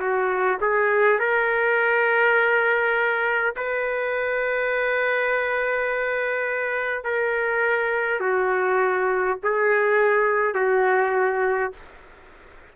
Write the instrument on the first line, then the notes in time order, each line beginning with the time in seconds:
trumpet
0.00 F#4
0.61 G#4
1.20 A#4
3.57 B4
7.04 A#4
8.20 F#4
9.44 G#4
10.55 F#4